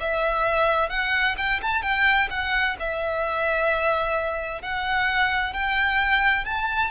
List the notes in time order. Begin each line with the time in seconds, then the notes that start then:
0.00 E5
0.89 F#5
1.37 G5
1.62 A5
1.82 G5
2.30 F#5
2.79 E5
4.62 F#5
5.53 G5
6.45 A5